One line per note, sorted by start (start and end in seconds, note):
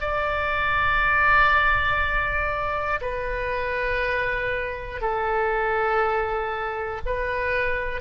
0.00 3.00 D5
3.01 5.01 B4
5.01 7.01 A4
7.05 8.01 B4